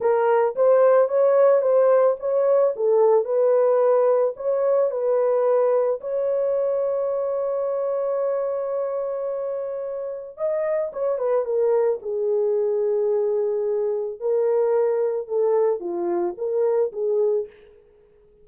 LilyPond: \new Staff \with { instrumentName = "horn" } { \time 4/4 \tempo 4 = 110 ais'4 c''4 cis''4 c''4 | cis''4 a'4 b'2 | cis''4 b'2 cis''4~ | cis''1~ |
cis''2. dis''4 | cis''8 b'8 ais'4 gis'2~ | gis'2 ais'2 | a'4 f'4 ais'4 gis'4 | }